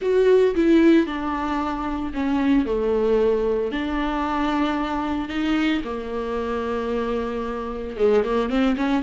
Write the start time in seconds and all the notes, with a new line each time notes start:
0.01 F#4
0.55 E4
1.06 D4
2.13 C#4
2.65 A3
3.71 D4
5.28 D#4
5.84 A#3
7.96 G#3
8.24 A#3
8.49 C4
8.76 C#4